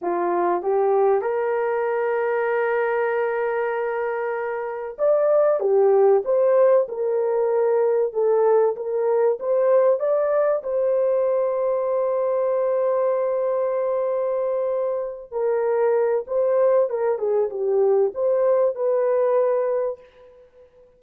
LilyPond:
\new Staff \with { instrumentName = "horn" } { \time 4/4 \tempo 4 = 96 f'4 g'4 ais'2~ | ais'1 | d''4 g'4 c''4 ais'4~ | ais'4 a'4 ais'4 c''4 |
d''4 c''2.~ | c''1~ | c''8 ais'4. c''4 ais'8 gis'8 | g'4 c''4 b'2 | }